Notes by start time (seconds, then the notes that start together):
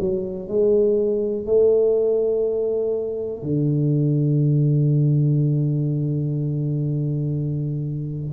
0.00 F#3
0.48 G#3
1.46 A3
3.43 D3